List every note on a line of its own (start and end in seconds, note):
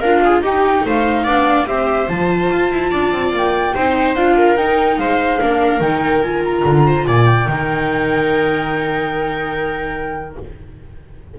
0.00 0.41 D4
0.00 0.45 F4
0.00 0.21 A#4
0.00 0.41 F5
0.25 0.43 G#4
0.41 0.82 D#4
0.41 1.27 D#4
0.41 0.84 G4
0.41 0.87 G5
0.85 1.25 A3
0.85 1.24 C5
0.85 1.67 F5
1.24 1.66 B3
1.24 1.67 D4
1.24 1.65 D5
1.67 2.08 C4
1.67 2.08 G4
1.67 2.91 C5
1.67 2.09 E5
2.08 2.50 F3
2.08 3.74 F4
2.08 3.33 A5
2.51 2.71 F4
2.71 2.92 E4
2.91 3.12 D4
2.91 3.74 D5
3.12 3.32 C4
3.32 3.74 A#3
3.32 4.15 G5
3.74 4.16 C4
3.74 4.17 D#4
3.74 4.36 C5
4.15 4.56 D4
4.15 4.56 F4
4.15 4.57 F5
4.37 4.99 A#4
4.56 4.97 D#4
4.56 5.39 D#4
4.56 4.98 G5
4.98 5.39 G#3
4.98 5.40 C5
4.98 5.81 F5
5.40 5.80 A#3
5.40 5.81 D4
5.40 6.85 A#4
5.80 6.63 D#3
5.80 6.23 D#4
5.80 6.22 G5
6.22 7.46 F4
6.22 6.43 G#5
6.44 7.06 A#5
6.65 7.06 D3
6.87 7.07 C5
7.07 7.47 A#2
7.07 7.49 D5
7.07 7.25 G#5
7.25 10.36 G5
7.46 10.36 D#3
7.46 10.36 D#4
7.46 10.39 A#4